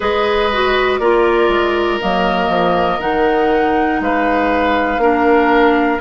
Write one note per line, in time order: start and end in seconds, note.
0.00 0.99 G#3
0.00 0.50 G#4
0.00 1.00 B4
0.00 0.99 D#5
0.52 1.01 F#4
0.99 1.48 A#3
0.99 2.00 F4
0.99 4.00 A#4
0.99 1.99 D5
1.48 1.98 G#3
2.00 2.48 F#3
2.00 3.00 A#3
2.00 3.00 D#5
2.48 2.98 F3
3.00 4.00 D#3
3.00 5.00 D#4
3.00 4.00 F#5
4.00 4.97 G#3
4.00 5.01 B4
4.00 6.00 F5
4.97 5.97 A#3
4.97 6.00 D4
4.97 6.00 A#4